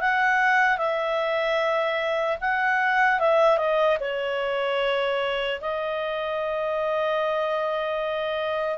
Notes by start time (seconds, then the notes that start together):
0.00 F#5
0.77 E5
2.40 F#5
3.19 E5
3.57 D#5
4.00 C#5
5.60 D#5